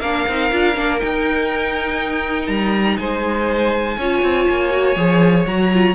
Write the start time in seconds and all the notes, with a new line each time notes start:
0.00 A#3 D4 A#4 F5
0.28 C4 D#4
0.52 D4 F4
0.76 A#3 D4
1.00 D#4 G5
2.48 G3 A#5
2.98 G#3 C5 G#5
3.98 C#4 F4 C#5
4.23 C4
4.49 A#3
4.71 F#4
4.96 F3 G#4
5.46 F#3 F#4 A#5
5.74 F4